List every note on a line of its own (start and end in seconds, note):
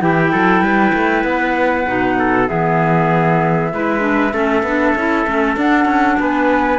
0.00 0.32 E3
0.00 1.86 E4
0.00 0.32 G4
0.00 1.23 G5
0.32 0.61 F#3
0.32 0.62 A4
0.61 0.92 G3
0.61 2.17 B4
0.93 1.24 A3
1.23 1.86 B3
1.23 2.47 F#5
1.86 2.50 B2
1.86 2.47 D#4
2.19 2.49 A4
2.47 3.73 E3
2.47 3.70 B3
2.47 3.73 G#4
2.47 5.57 E5
3.73 4.33 G#3
3.73 3.99 E4
3.73 4.33 B4
3.99 4.30 D4
4.32 4.62 A3
4.32 4.63 C#4
4.32 6.18 A4
4.62 4.93 B3
4.62 4.97 D4
4.95 5.26 C#4
4.95 5.26 E4
5.26 5.56 A3
5.26 5.57 C#4
5.56 5.85 D4
5.56 6.79 D4
5.56 6.19 F#5
5.85 6.16 C#4
6.19 6.79 B3
6.19 6.79 B4
6.19 6.79 G#5